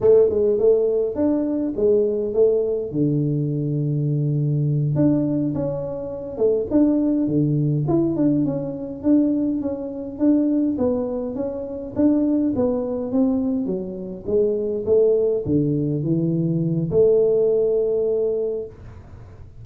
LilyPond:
\new Staff \with { instrumentName = "tuba" } { \time 4/4 \tempo 4 = 103 a8 gis8 a4 d'4 gis4 | a4 d2.~ | d8 d'4 cis'4. a8 d'8~ | d'8 d4 e'8 d'8 cis'4 d'8~ |
d'8 cis'4 d'4 b4 cis'8~ | cis'8 d'4 b4 c'4 fis8~ | fis8 gis4 a4 d4 e8~ | e4 a2. | }